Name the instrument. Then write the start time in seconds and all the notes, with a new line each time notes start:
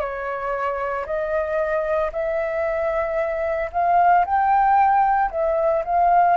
flute
0.00 C#5
1.06 D#5
2.12 E5
3.72 F5
4.25 G5
5.31 E5
5.84 F5